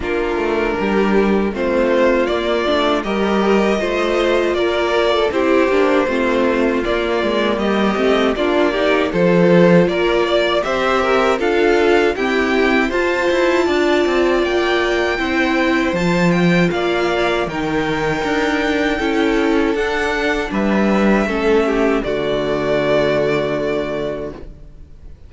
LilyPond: <<
  \new Staff \with { instrumentName = "violin" } { \time 4/4 \tempo 4 = 79 ais'2 c''4 d''4 | dis''2 d''4 c''4~ | c''4 d''4 dis''4 d''4 | c''4 d''4 e''4 f''4 |
g''4 a''2 g''4~ | g''4 a''8 g''8 f''4 g''4~ | g''2 fis''4 e''4~ | e''4 d''2. | }
  \new Staff \with { instrumentName = "violin" } { \time 4/4 f'4 g'4 f'2 | ais'4 c''4 ais'8. a'16 g'4 | f'2 g'4 f'8 g'8 | a'4 ais'8 d''8 c''8 ais'8 a'4 |
g'4 c''4 d''2 | c''2 d''4 ais'4~ | ais'4 a'2 b'4 | a'8 g'8 fis'2. | }
  \new Staff \with { instrumentName = "viola" } { \time 4/4 d'2 c'4 ais8 d'8 | g'4 f'2 e'8 d'8 | c'4 ais4. c'8 d'8 dis'8 | f'2 g'4 f'4 |
c'4 f'2. | e'4 f'2 dis'4~ | dis'4 e'4 d'2 | cis'4 a2. | }
  \new Staff \with { instrumentName = "cello" } { \time 4/4 ais8 a8 g4 a4 ais8 a8 | g4 a4 ais4 c'8 ais8 | a4 ais8 gis8 g8 a8 ais4 | f4 ais4 c'4 d'4 |
e'4 f'8 e'8 d'8 c'8 ais4 | c'4 f4 ais4 dis4 | d'4 cis'4 d'4 g4 | a4 d2. | }
>>